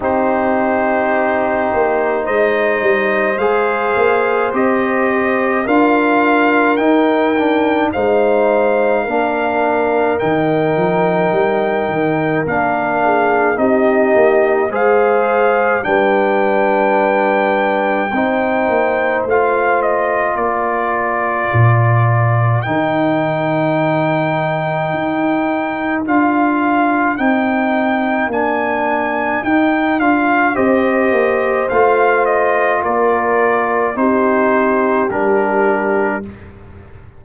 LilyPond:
<<
  \new Staff \with { instrumentName = "trumpet" } { \time 4/4 \tempo 4 = 53 c''2 dis''4 f''4 | dis''4 f''4 g''4 f''4~ | f''4 g''2 f''4 | dis''4 f''4 g''2~ |
g''4 f''8 dis''8 d''2 | g''2. f''4 | g''4 gis''4 g''8 f''8 dis''4 | f''8 dis''8 d''4 c''4 ais'4 | }
  \new Staff \with { instrumentName = "horn" } { \time 4/4 g'2 c''2~ | c''4 ais'2 c''4 | ais'2.~ ais'8 gis'8 | g'4 c''4 b'2 |
c''2 ais'2~ | ais'1~ | ais'2. c''4~ | c''4 ais'4 g'2 | }
  \new Staff \with { instrumentName = "trombone" } { \time 4/4 dis'2. gis'4 | g'4 f'4 dis'8 d'8 dis'4 | d'4 dis'2 d'4 | dis'4 gis'4 d'2 |
dis'4 f'2. | dis'2. f'4 | dis'4 d'4 dis'8 f'8 g'4 | f'2 dis'4 d'4 | }
  \new Staff \with { instrumentName = "tuba" } { \time 4/4 c'4. ais8 gis8 g8 gis8 ais8 | c'4 d'4 dis'4 gis4 | ais4 dis8 f8 g8 dis8 ais4 | c'8 ais8 gis4 g2 |
c'8 ais8 a4 ais4 ais,4 | dis2 dis'4 d'4 | c'4 ais4 dis'8 d'8 c'8 ais8 | a4 ais4 c'4 g4 | }
>>